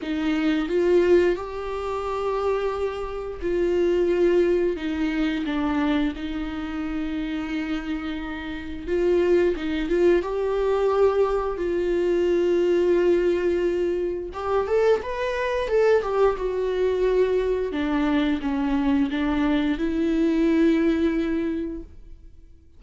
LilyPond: \new Staff \with { instrumentName = "viola" } { \time 4/4 \tempo 4 = 88 dis'4 f'4 g'2~ | g'4 f'2 dis'4 | d'4 dis'2.~ | dis'4 f'4 dis'8 f'8 g'4~ |
g'4 f'2.~ | f'4 g'8 a'8 b'4 a'8 g'8 | fis'2 d'4 cis'4 | d'4 e'2. | }